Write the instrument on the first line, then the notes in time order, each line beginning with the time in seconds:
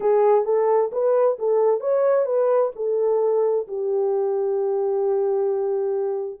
horn
0.00 G#4
0.45 A4
0.92 B4
1.38 A4
1.80 C#5
2.25 B4
2.75 A4
3.67 G4